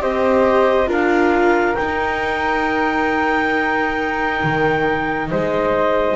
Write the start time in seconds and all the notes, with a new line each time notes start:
0.00 C4 G4 C5 D#5
0.87 D4 F4 A#4 F5
1.75 D#4 G5
4.44 D#3
5.30 G#3 C5 D#5